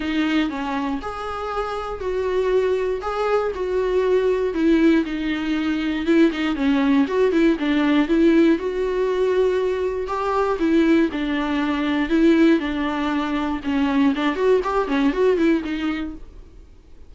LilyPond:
\new Staff \with { instrumentName = "viola" } { \time 4/4 \tempo 4 = 119 dis'4 cis'4 gis'2 | fis'2 gis'4 fis'4~ | fis'4 e'4 dis'2 | e'8 dis'8 cis'4 fis'8 e'8 d'4 |
e'4 fis'2. | g'4 e'4 d'2 | e'4 d'2 cis'4 | d'8 fis'8 g'8 cis'8 fis'8 e'8 dis'4 | }